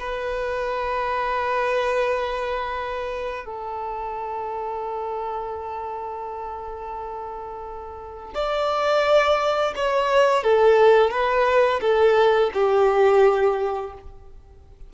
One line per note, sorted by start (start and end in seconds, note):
0.00 3.46 B4
3.46 8.34 A4
8.34 9.74 D5
9.76 10.44 C#5
10.44 11.11 A4
11.11 11.80 B4
11.81 12.51 A4
12.54 13.93 G4